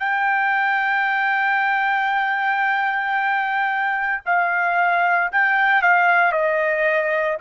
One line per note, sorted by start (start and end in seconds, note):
0.00 4.21 G5
4.26 5.31 F5
5.33 5.82 G5
5.82 6.33 F5
6.33 7.38 D#5